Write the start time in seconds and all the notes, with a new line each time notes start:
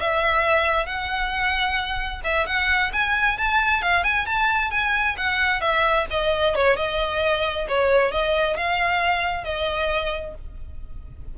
0.00 E5
0.86 F#5
2.24 E5
2.46 F#5
2.92 G#5
3.38 A5
3.82 F5
4.03 G#5
4.26 A5
4.71 G#5
5.17 F#5
5.61 E5
6.10 D#5
6.55 C#5
6.76 D#5
7.68 C#5
8.11 D#5
8.57 F5
9.44 D#5